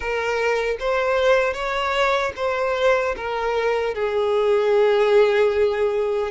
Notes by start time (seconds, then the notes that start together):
0.00 A#4
0.79 C5
1.53 C#5
2.36 C5
3.16 A#4
3.94 G#4